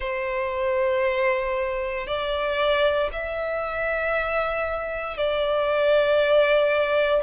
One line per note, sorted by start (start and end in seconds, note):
0.00 2.06 C5
2.06 3.10 D5
3.12 5.17 E5
5.17 7.22 D5